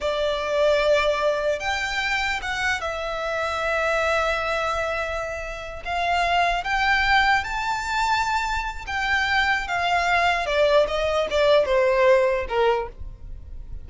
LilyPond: \new Staff \with { instrumentName = "violin" } { \time 4/4 \tempo 4 = 149 d''1 | g''2 fis''4 e''4~ | e''1~ | e''2~ e''8 f''4.~ |
f''8 g''2 a''4.~ | a''2 g''2 | f''2 d''4 dis''4 | d''4 c''2 ais'4 | }